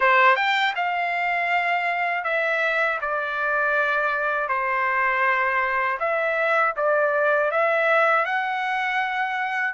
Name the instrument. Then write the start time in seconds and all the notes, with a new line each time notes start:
trumpet
0.00 C5
0.36 G5
0.75 F5
2.24 E5
3.01 D5
4.48 C5
5.99 E5
6.76 D5
7.51 E5
8.25 F#5